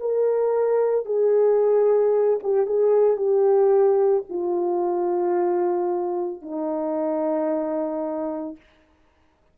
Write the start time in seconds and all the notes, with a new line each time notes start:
0.00 A#4
1.06 G#4
2.43 G4
2.66 G#4
3.17 G4
4.30 F4
6.42 D#4